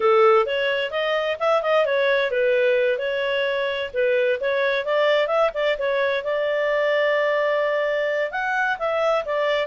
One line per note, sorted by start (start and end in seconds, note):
0.00 0.46 A4
0.46 0.90 C#5
0.90 1.37 D#5
1.39 1.62 E5
1.62 1.85 D#5
1.85 2.31 C#5
2.31 2.98 B4
2.98 3.90 C#5
3.93 4.39 B4
4.40 4.85 C#5
4.85 5.27 D5
5.27 5.50 E5
5.54 5.77 D5
5.78 6.24 C#5
6.24 8.31 D5
8.31 8.77 F#5
8.78 9.24 E5
9.25 9.66 D5